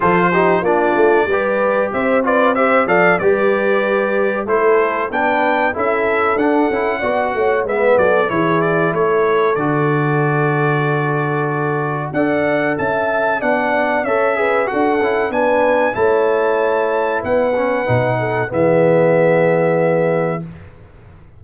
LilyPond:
<<
  \new Staff \with { instrumentName = "trumpet" } { \time 4/4 \tempo 4 = 94 c''4 d''2 e''8 d''8 | e''8 f''8 d''2 c''4 | g''4 e''4 fis''2 | e''8 d''8 cis''8 d''8 cis''4 d''4~ |
d''2. fis''4 | a''4 fis''4 e''4 fis''4 | gis''4 a''2 fis''4~ | fis''4 e''2. | }
  \new Staff \with { instrumentName = "horn" } { \time 4/4 a'8 g'8 f'4 b'4 c''8 b'8 | c''8 d''8 b'2 a'4 | b'4 a'2 d''8 cis''8 | b'8 a'8 gis'4 a'2~ |
a'2. d''4 | e''4 d''4 cis''8 b'8 a'4 | b'4 cis''2 b'4~ | b'8 a'8 gis'2. | }
  \new Staff \with { instrumentName = "trombone" } { \time 4/4 f'8 dis'8 d'4 g'4. f'8 | g'8 a'8 g'2 e'4 | d'4 e'4 d'8 e'8 fis'4 | b4 e'2 fis'4~ |
fis'2. a'4~ | a'4 d'4 a'8 gis'8 fis'8 e'8 | d'4 e'2~ e'8 cis'8 | dis'4 b2. | }
  \new Staff \with { instrumentName = "tuba" } { \time 4/4 f4 ais8 a8 g4 c'4~ | c'8 f8 g2 a4 | b4 cis'4 d'8 cis'8 b8 a8 | gis8 fis8 e4 a4 d4~ |
d2. d'4 | cis'4 b4 cis'4 d'8 cis'8 | b4 a2 b4 | b,4 e2. | }
>>